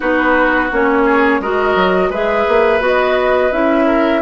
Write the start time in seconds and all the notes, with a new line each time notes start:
0.00 B3 D#4 F#4 B4
0.72 A#3 C#4 C#5
1.05 G#4
1.40 G#3 F#4 A#4 D#5
1.75 F#3
2.09 G#3 G#4 B4 E5
2.48 A#3
2.79 B3 F#4
2.86 D#5
3.51 C#4 E4 E5
3.86 A#4